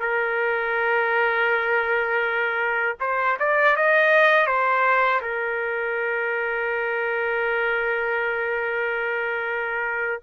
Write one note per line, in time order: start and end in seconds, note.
0.00 2.96 A#4
3.01 3.38 C5
3.40 3.76 D5
3.76 4.47 D#5
4.47 5.21 C5
5.22 10.22 A#4